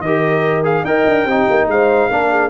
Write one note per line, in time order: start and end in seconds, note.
0.00 0.83 D#3
0.00 0.64 G4
0.00 0.84 A#4
0.00 0.63 D#5
0.64 0.84 G#4
0.64 0.85 F5
0.84 1.05 D#4
0.84 1.28 A#4
0.84 1.25 D#5
0.84 1.68 G5
1.06 1.26 D4
1.25 1.46 C4
1.25 2.11 D#4
1.25 1.66 G4
1.50 1.68 A#3
1.68 2.09 G#3
1.68 2.10 C5
1.68 2.50 F5
2.10 2.50 A#3
2.10 2.50 D4
2.10 2.30 A#4
2.30 2.50 G#4